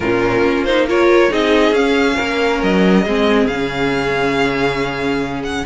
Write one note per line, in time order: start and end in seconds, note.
0.00 0.41 A#2
0.00 0.67 C#4
0.00 0.85 F4
0.00 0.64 A#4
0.41 1.28 A#3
0.64 0.87 D#4
0.64 0.86 C5
0.87 1.29 F4
0.87 1.31 A#4
0.87 1.32 C#5
1.29 1.71 C4
1.29 1.73 D#4
1.29 2.16 G#4
1.29 1.74 D#5
1.71 2.14 C#4
1.71 3.06 C#4
1.71 2.61 F5
2.16 2.63 A#3
2.16 3.03 A#4
2.62 3.05 F#3
2.62 3.46 D#5
3.03 3.46 G#3
3.03 3.50 C4
3.03 5.64 G#4
3.46 5.63 C#3
3.46 5.65 C#4
3.46 5.42 F5
5.44 5.65 F#5